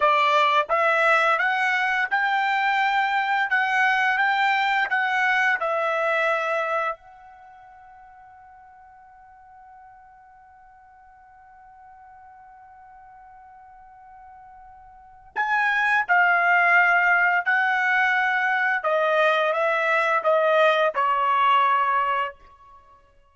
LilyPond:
\new Staff \with { instrumentName = "trumpet" } { \time 4/4 \tempo 4 = 86 d''4 e''4 fis''4 g''4~ | g''4 fis''4 g''4 fis''4 | e''2 fis''2~ | fis''1~ |
fis''1~ | fis''2 gis''4 f''4~ | f''4 fis''2 dis''4 | e''4 dis''4 cis''2 | }